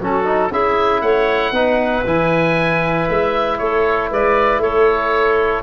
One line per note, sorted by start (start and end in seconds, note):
0.00 0.51 F#3
0.00 0.25 C#4
0.00 0.50 F#4
0.00 0.53 A4
0.25 0.50 D#4
0.50 1.02 C#4
0.50 1.54 E4
0.50 1.01 G#4
0.50 1.02 E5
1.02 1.52 A3
1.02 1.53 C#5
1.02 2.04 F#5
1.52 2.03 B3
1.52 2.06 D#4
1.52 3.58 B4
2.06 3.08 E3
2.06 5.64 E4
2.06 3.09 G#5
3.09 3.60 G#3
3.09 3.58 E5
3.58 4.12 A3
3.58 4.11 A4
3.58 4.10 C#5
4.11 4.58 G#3
4.11 4.62 B4
4.11 4.62 D5
4.58 5.61 A3
4.58 5.64 A4
4.58 5.64 C#5